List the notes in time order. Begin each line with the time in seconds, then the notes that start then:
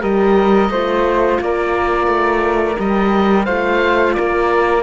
0.00 G3 G4 A#4 D#5
0.70 A3 F4 C5
1.41 A#3 A#4 D5
2.07 A3
2.78 G3 G4 D#5
3.45 A3 F4 C5 F5
4.14 A#3 A#4 D5